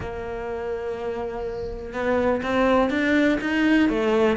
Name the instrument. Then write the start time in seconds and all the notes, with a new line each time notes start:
cello
0.00 A#3
1.93 B3
2.42 C4
2.89 D4
3.40 D#4
3.89 A3